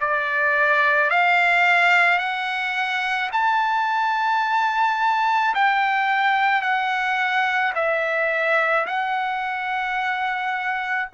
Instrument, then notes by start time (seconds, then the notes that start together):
trumpet
0.00 D5
1.10 F5
2.19 F#5
3.32 A5
5.55 G5
6.62 F#5
7.75 E5
8.86 F#5